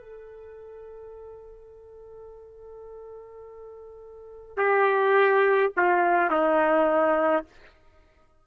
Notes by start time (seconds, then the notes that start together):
0.00 A4
4.56 G4
5.76 F4
6.30 D#4